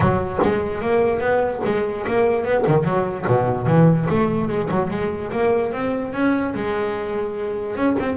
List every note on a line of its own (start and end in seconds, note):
0.00 0.39 F#3
0.42 0.81 G#3
0.81 1.20 A#3
1.20 1.60 B3
1.64 2.05 G#3
2.07 2.44 A#3
2.44 2.64 B3
2.67 2.84 D#3
2.84 3.25 F#3
3.27 3.66 B2
3.66 4.07 E3
4.09 4.48 A3
4.48 4.68 G#3
4.71 4.90 F#3
4.90 5.31 G#3
5.31 5.72 A#3
5.72 6.13 C4
6.13 6.53 C#4
6.54 7.75 G#3
7.75 7.96 C#4
7.99 8.17 C4